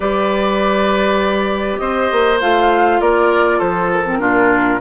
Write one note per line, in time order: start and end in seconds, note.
0.00 1.78 G3
0.00 2.38 G4
0.00 1.80 B4
0.00 1.78 D5
1.78 2.09 C4
1.78 3.00 C5
1.78 2.38 D#5
2.11 2.41 A#3
2.40 3.00 A3
2.40 4.05 F4
2.40 3.00 F5
3.00 3.60 A#3
3.00 3.58 A#4
3.00 3.60 D5
3.58 4.19 F3
3.58 4.18 A4
3.58 3.90 C5
3.92 4.80 A#4
4.05 4.19 C4
4.19 4.79 A#2
4.19 4.79 D4
4.19 4.80 F4